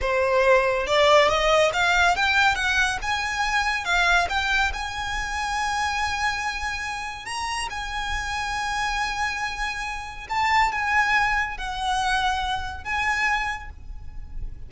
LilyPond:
\new Staff \with { instrumentName = "violin" } { \time 4/4 \tempo 4 = 140 c''2 d''4 dis''4 | f''4 g''4 fis''4 gis''4~ | gis''4 f''4 g''4 gis''4~ | gis''1~ |
gis''4 ais''4 gis''2~ | gis''1 | a''4 gis''2 fis''4~ | fis''2 gis''2 | }